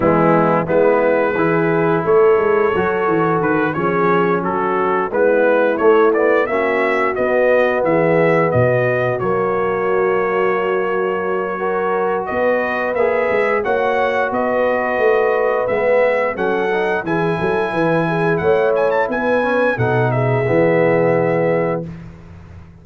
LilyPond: <<
  \new Staff \with { instrumentName = "trumpet" } { \time 4/4 \tempo 4 = 88 e'4 b'2 cis''4~ | cis''4 b'8 cis''4 a'4 b'8~ | b'8 cis''8 d''8 e''4 dis''4 e''8~ | e''8 dis''4 cis''2~ cis''8~ |
cis''2 dis''4 e''4 | fis''4 dis''2 e''4 | fis''4 gis''2 fis''8 gis''16 a''16 | gis''4 fis''8 e''2~ e''8 | }
  \new Staff \with { instrumentName = "horn" } { \time 4/4 b4 e'4 gis'4 a'4~ | a'4. gis'4 fis'4 e'8~ | e'4. fis'2 gis'8~ | gis'8 fis'2.~ fis'8~ |
fis'4 ais'4 b'2 | cis''4 b'2. | a'4 gis'8 a'8 b'8 gis'8 cis''4 | b'4 a'8 gis'2~ gis'8 | }
  \new Staff \with { instrumentName = "trombone" } { \time 4/4 gis4 b4 e'2 | fis'4. cis'2 b8~ | b8 a8 b8 cis'4 b4.~ | b4. ais2~ ais8~ |
ais4 fis'2 gis'4 | fis'2. b4 | cis'8 dis'8 e'2.~ | e'8 cis'8 dis'4 b2 | }
  \new Staff \with { instrumentName = "tuba" } { \time 4/4 e4 gis4 e4 a8 gis8 | fis8 e8 dis8 f4 fis4 gis8~ | gis8 a4 ais4 b4 e8~ | e8 b,4 fis2~ fis8~ |
fis2 b4 ais8 gis8 | ais4 b4 a4 gis4 | fis4 e8 fis8 e4 a4 | b4 b,4 e2 | }
>>